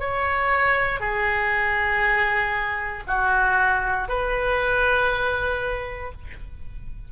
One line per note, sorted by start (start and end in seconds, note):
0.00 1.00 C#5
1.00 3.04 G#4
3.07 4.09 F#4
4.09 6.12 B4